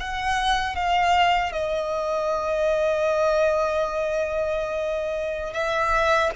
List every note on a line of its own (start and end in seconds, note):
0.00 0.76 F#5
0.76 1.52 F5
1.52 5.54 D#5
5.54 6.31 E5